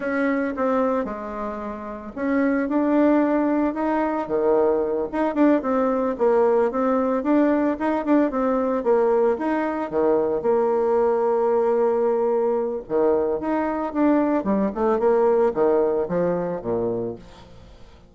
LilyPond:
\new Staff \with { instrumentName = "bassoon" } { \time 4/4 \tempo 4 = 112 cis'4 c'4 gis2 | cis'4 d'2 dis'4 | dis4. dis'8 d'8 c'4 ais8~ | ais8 c'4 d'4 dis'8 d'8 c'8~ |
c'8 ais4 dis'4 dis4 ais8~ | ais1 | dis4 dis'4 d'4 g8 a8 | ais4 dis4 f4 ais,4 | }